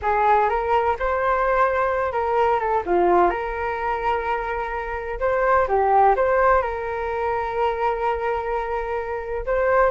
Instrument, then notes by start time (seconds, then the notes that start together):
flute
0.02 G#4
0.49 A#4
0.99 C5
2.12 A#4
2.59 A4
2.85 F4
3.30 A#4
5.19 C5
5.68 G4
6.15 C5
6.62 A#4
9.46 C5